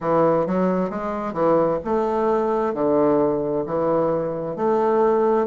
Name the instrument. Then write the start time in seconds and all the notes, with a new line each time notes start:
bassoon
0.00 E3
0.46 F#3
0.90 G#3
1.33 E3
1.84 A3
2.74 D3
3.66 E3
4.55 A3